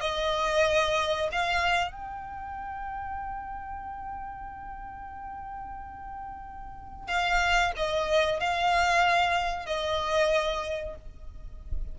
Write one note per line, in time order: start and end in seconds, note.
0.00 1.29 D#5
1.32 1.91 F5
1.91 7.07 G5
7.07 7.72 F5
7.76 8.40 D#5
8.40 9.66 F5
9.66 10.95 D#5